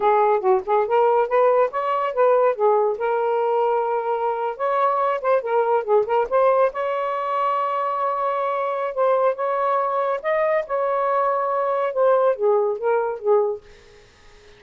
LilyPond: \new Staff \with { instrumentName = "saxophone" } { \time 4/4 \tempo 4 = 141 gis'4 fis'8 gis'8 ais'4 b'4 | cis''4 b'4 gis'4 ais'4~ | ais'2~ ais'8. cis''4~ cis''16~ | cis''16 c''8 ais'4 gis'8 ais'8 c''4 cis''16~ |
cis''1~ | cis''4 c''4 cis''2 | dis''4 cis''2. | c''4 gis'4 ais'4 gis'4 | }